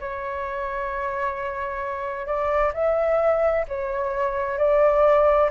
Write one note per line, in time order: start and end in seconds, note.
0.00 2.26 C#5
2.26 2.72 D5
2.74 3.66 E5
3.68 4.58 C#5
4.58 5.50 D5